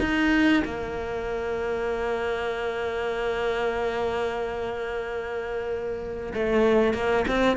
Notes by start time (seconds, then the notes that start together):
0.00 D#4
0.65 A#3
6.34 A3
6.94 A#3
7.28 C4